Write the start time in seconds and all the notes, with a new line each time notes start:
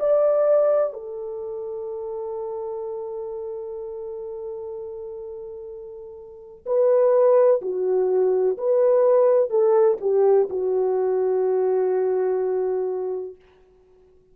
0.00 D5
0.94 A4
6.66 B4
7.62 F#4
8.58 B4
9.50 A4
10.01 G4
10.50 F#4